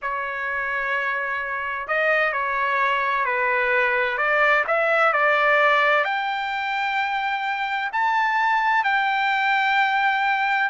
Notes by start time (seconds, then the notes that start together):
0.01 C#5
1.87 D#5
2.33 C#5
3.25 B4
4.17 D5
4.67 E5
5.12 D5
6.04 G5
7.92 A5
8.84 G5